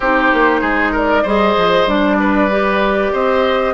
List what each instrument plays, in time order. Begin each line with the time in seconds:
0.00 bassoon C4, clarinet D#4, oboe G4, flute C5
0.33 bassoon A#3
0.60 bassoon G#3, oboe G#4
0.92 oboe A#4, flute D5
1.23 bassoon G3, clarinet G#4, oboe C5, flute D#5
1.57 bassoon F3
1.86 bassoon G3, clarinet D4, flute D5
2.19 oboe B4
2.50 clarinet G4
3.12 bassoon C4, oboe C5, flute D#5